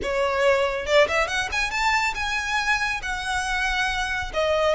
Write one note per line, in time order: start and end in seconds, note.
0.02 0.85 C#5
0.85 1.07 D5
1.08 1.27 E5
1.27 1.49 F#5
1.52 1.71 G#5
1.71 2.14 A5
2.14 3.01 G#5
3.02 4.31 F#5
4.33 4.74 D#5